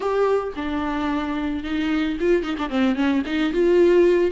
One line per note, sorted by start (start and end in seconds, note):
0.00 0.53 G4
0.56 1.63 D4
1.63 2.17 D#4
2.19 2.43 F4
2.43 2.56 D#4
2.57 2.69 D4
2.69 2.95 C4
2.95 3.22 C#4
3.26 3.53 D#4
3.53 4.31 F4